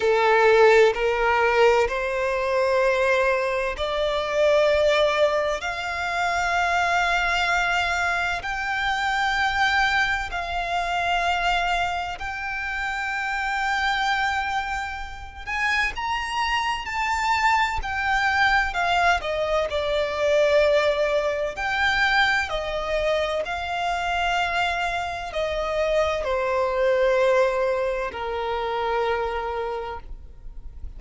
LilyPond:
\new Staff \with { instrumentName = "violin" } { \time 4/4 \tempo 4 = 64 a'4 ais'4 c''2 | d''2 f''2~ | f''4 g''2 f''4~ | f''4 g''2.~ |
g''8 gis''8 ais''4 a''4 g''4 | f''8 dis''8 d''2 g''4 | dis''4 f''2 dis''4 | c''2 ais'2 | }